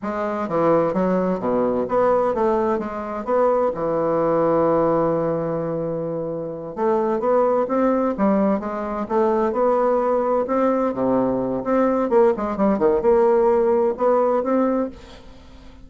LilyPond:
\new Staff \with { instrumentName = "bassoon" } { \time 4/4 \tempo 4 = 129 gis4 e4 fis4 b,4 | b4 a4 gis4 b4 | e1~ | e2~ e8 a4 b8~ |
b8 c'4 g4 gis4 a8~ | a8 b2 c'4 c8~ | c4 c'4 ais8 gis8 g8 dis8 | ais2 b4 c'4 | }